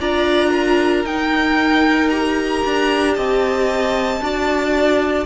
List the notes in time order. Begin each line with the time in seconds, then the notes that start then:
0.00 D4 F4 D5 A#5
0.51 A#4
1.05 D#4 G5
2.10 G4 A#5
2.66 D4
3.14 C4 D#5 A5
4.21 D4 F#4 D5